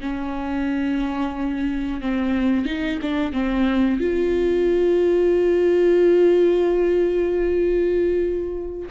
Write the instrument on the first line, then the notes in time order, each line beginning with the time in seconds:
viola
0.00 C#4
2.01 C4
2.66 D#4
3.02 D4
3.33 C4
4.00 F4